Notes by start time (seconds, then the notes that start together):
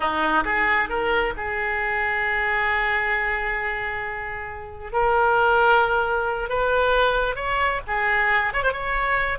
0.00 D#4
0.44 G#4
0.89 A#4
1.36 G#4
4.92 A#4
6.49 B4
7.35 C#5
7.87 G#4
8.53 C#5
8.63 C5
8.72 C#5